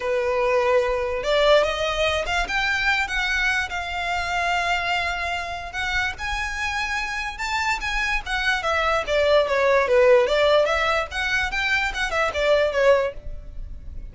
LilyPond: \new Staff \with { instrumentName = "violin" } { \time 4/4 \tempo 4 = 146 b'2. d''4 | dis''4. f''8 g''4. fis''8~ | fis''4 f''2.~ | f''2 fis''4 gis''4~ |
gis''2 a''4 gis''4 | fis''4 e''4 d''4 cis''4 | b'4 d''4 e''4 fis''4 | g''4 fis''8 e''8 d''4 cis''4 | }